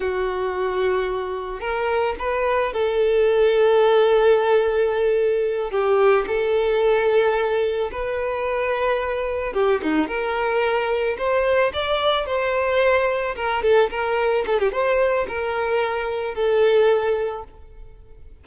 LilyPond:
\new Staff \with { instrumentName = "violin" } { \time 4/4 \tempo 4 = 110 fis'2. ais'4 | b'4 a'2.~ | a'2~ a'8 g'4 a'8~ | a'2~ a'8 b'4.~ |
b'4. g'8 dis'8 ais'4.~ | ais'8 c''4 d''4 c''4.~ | c''8 ais'8 a'8 ais'4 a'16 g'16 c''4 | ais'2 a'2 | }